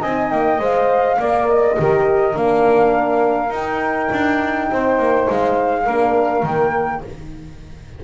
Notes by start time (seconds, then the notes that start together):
0.00 C4 D#5 G#5
0.06 D#4
0.31 A#3 G5
0.59 G#3 C5 F5
1.18 A#3 A#4 D5
1.49 D#5
1.77 D#3 G4 A#4
2.33 A#3 D4 F5
3.50 D#4 G5
4.12 D4
4.71 C4 C5
4.98 A#3
5.29 G#3 F5
5.84 A#3 D4 A#4
6.43 D#3 A#3 G5